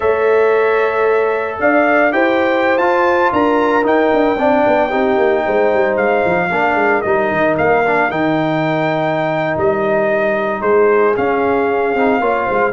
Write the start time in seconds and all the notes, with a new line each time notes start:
0.00 A3 A4 C#5 E5
1.59 D4 D5 F5
2.11 E4 G4 C5 G5
2.77 F4 A5
3.32 D4 A#4 A#5
3.83 D#4 G5
4.13 D4
4.37 C4 D4 D5
4.66 B3
4.89 C4 D#4 G4
5.17 A#3
5.45 G#3 C5
5.73 G3
5.96 G#3 F5
6.25 F3
6.50 A#3 D4 A#4
6.75 G#3
7.01 G3 D#4 D#5
7.31 D#3
7.57 A#3 F5
7.84 D4
8.10 D#3 D#4 G5
9.57 G3 D#5
10.61 G#3 G#4 C5
11.16 C#4 F5
11.95 C4 D#4
12.20 A#3 F4 C#5
12.46 G#3 C5